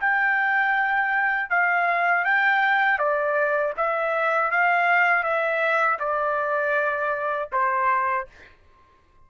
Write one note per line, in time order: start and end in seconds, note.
0.00 1.49 G5
1.49 2.24 F5
2.24 2.98 G5
2.98 3.73 D5
3.77 4.51 E5
4.51 5.23 F5
5.23 5.98 E5
5.99 7.49 D5
7.52 8.27 C5